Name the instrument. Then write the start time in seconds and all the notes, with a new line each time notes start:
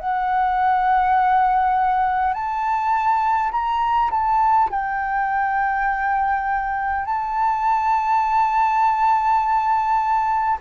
flute
0.00 F#5
2.34 A5
3.52 A#5
4.11 A5
4.71 G5
7.06 A5